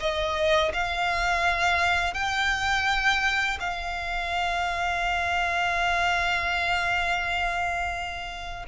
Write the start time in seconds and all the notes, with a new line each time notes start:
0.00 D#5
0.74 F5
2.14 G5
3.60 F5